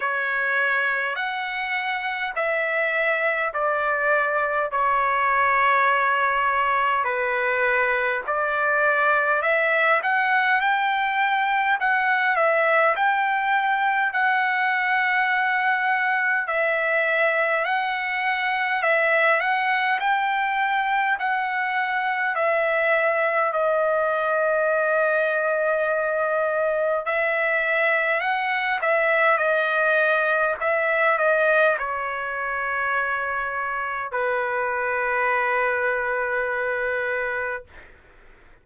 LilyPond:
\new Staff \with { instrumentName = "trumpet" } { \time 4/4 \tempo 4 = 51 cis''4 fis''4 e''4 d''4 | cis''2 b'4 d''4 | e''8 fis''8 g''4 fis''8 e''8 g''4 | fis''2 e''4 fis''4 |
e''8 fis''8 g''4 fis''4 e''4 | dis''2. e''4 | fis''8 e''8 dis''4 e''8 dis''8 cis''4~ | cis''4 b'2. | }